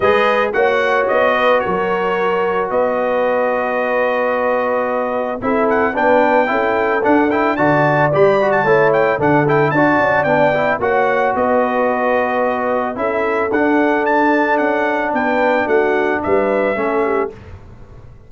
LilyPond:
<<
  \new Staff \with { instrumentName = "trumpet" } { \time 4/4 \tempo 4 = 111 dis''4 fis''4 dis''4 cis''4~ | cis''4 dis''2.~ | dis''2 e''8 fis''8 g''4~ | g''4 fis''8 g''8 a''4 b''8. a''16~ |
a''8 g''8 fis''8 g''8 a''4 g''4 | fis''4 dis''2. | e''4 fis''4 a''4 fis''4 | g''4 fis''4 e''2 | }
  \new Staff \with { instrumentName = "horn" } { \time 4/4 b'4 cis''4. b'8 ais'4~ | ais'4 b'2.~ | b'2 a'4 b'4 | a'2 d''2 |
cis''4 a'4 d''2 | cis''4 b'2. | a'1 | b'4 fis'4 b'4 a'8 g'8 | }
  \new Staff \with { instrumentName = "trombone" } { \time 4/4 gis'4 fis'2.~ | fis'1~ | fis'2 e'4 d'4 | e'4 d'8 e'8 fis'4 g'8 fis'8 |
e'4 d'8 e'8 fis'4 d'8 e'8 | fis'1 | e'4 d'2.~ | d'2. cis'4 | }
  \new Staff \with { instrumentName = "tuba" } { \time 4/4 gis4 ais4 b4 fis4~ | fis4 b2.~ | b2 c'4 b4 | cis'4 d'4 d4 g4 |
a4 d4 d'8 cis'8 b4 | ais4 b2. | cis'4 d'2 cis'4 | b4 a4 g4 a4 | }
>>